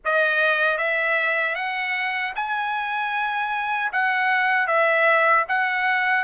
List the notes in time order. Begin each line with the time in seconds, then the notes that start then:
0.04 D#5
0.77 E5
1.55 F#5
2.35 G#5
3.92 F#5
4.67 E5
5.48 F#5